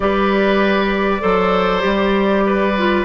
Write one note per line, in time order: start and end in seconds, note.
0.00 1.22 G3
0.00 1.20 G4
0.00 1.21 B4
0.00 3.05 D5
1.20 1.84 F#3
1.20 1.81 A4
1.20 2.43 C5
1.81 3.05 G3
1.81 2.73 G4
2.45 3.05 B4
2.78 3.05 F4